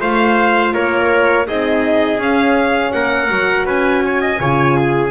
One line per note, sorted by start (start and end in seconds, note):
0.00 0.74 A3
0.00 1.46 F4
0.00 0.73 C5
0.00 0.73 F5
0.73 1.48 A#3
0.73 1.47 A#4
0.73 1.47 C#5
1.47 2.19 C4
1.47 2.19 D#4
1.47 2.94 G#4
1.47 2.20 D#5
2.19 2.92 C#4
2.19 3.28 C#4
2.19 2.92 F5
2.92 3.29 A#3
2.92 3.66 A#4
2.92 3.65 F#5
3.28 3.65 F#3
3.28 4.38 F#4
3.65 4.38 C#4
3.65 4.02 B4
3.65 5.10 G#5
4.05 4.21 C#5
4.21 4.39 D#5
4.40 5.10 C#3
4.40 5.10 F4
4.40 4.76 C#5
4.76 5.10 G#4